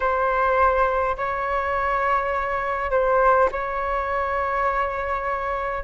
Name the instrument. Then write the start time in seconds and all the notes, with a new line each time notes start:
flute
0.00 C5
1.17 C#5
2.90 C5
3.51 C#5